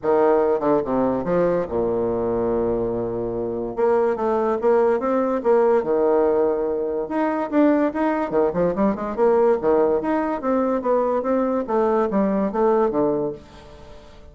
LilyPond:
\new Staff \with { instrumentName = "bassoon" } { \time 4/4 \tempo 4 = 144 dis4. d8 c4 f4 | ais,1~ | ais,4 ais4 a4 ais4 | c'4 ais4 dis2~ |
dis4 dis'4 d'4 dis'4 | dis8 f8 g8 gis8 ais4 dis4 | dis'4 c'4 b4 c'4 | a4 g4 a4 d4 | }